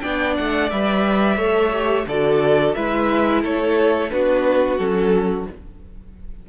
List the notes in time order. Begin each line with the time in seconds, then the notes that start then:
0.00 B3 D4 D5 G5
0.36 A3 F#5
0.70 G3 B4 E5
1.37 A3 A4 C#5
1.73 G4
2.06 D3 F#4 A4 D5
2.74 G#3 E4 B4 E5
3.42 A3 A4 C#5
4.10 B3 D4 F#4 B4
4.78 F#3 C#4 A4